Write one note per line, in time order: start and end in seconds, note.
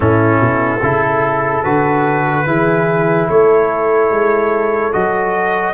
0.00 0.40 A2
0.00 0.80 C#4
0.00 0.80 E4
0.00 1.63 A4
0.40 0.81 B2
0.80 1.64 C#3
0.80 1.64 E4
0.80 2.45 A4
1.63 2.46 D3
1.63 2.46 F#4
1.63 3.28 B4
2.46 3.28 E3
2.46 4.92 E4
2.46 3.29 G#4
3.28 4.10 A3
3.28 5.73 A4
3.28 4.92 C#5
4.10 4.92 G#3
4.92 5.73 F#3
4.92 5.73 F#4
4.92 5.73 D#5